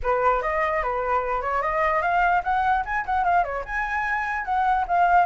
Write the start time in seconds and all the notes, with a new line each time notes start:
0.02 B4
0.42 D#5
0.82 B4
1.41 C#5
1.61 D#5
2.02 F5
2.43 F#5
2.85 G#5
3.05 F#5
3.24 F5
3.44 C#5
3.65 G#5
4.44 F#5
4.87 F5